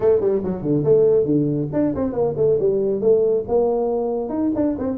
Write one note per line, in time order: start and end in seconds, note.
0.00 0.20 A3
0.20 0.42 G3
0.43 0.62 F#3
0.62 0.83 D3
0.84 1.25 A3
1.25 1.68 D3
1.72 1.94 D4
1.95 2.12 C4
2.12 2.34 A#3
2.36 2.58 A3
2.59 3.00 G3
3.00 3.44 A3
3.47 4.29 A#3
4.29 4.50 D#4
4.55 4.77 D4
4.78 4.97 C4